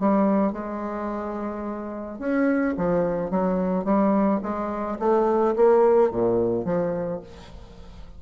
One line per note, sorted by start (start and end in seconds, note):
0.00 0.53 G3
0.53 2.19 G#3
2.19 2.75 C#4
2.78 3.31 F3
3.31 3.85 F#3
3.85 4.40 G3
4.43 4.98 G#3
5.00 5.55 A3
5.57 6.11 A#3
6.11 6.65 A#2
6.65 7.21 F3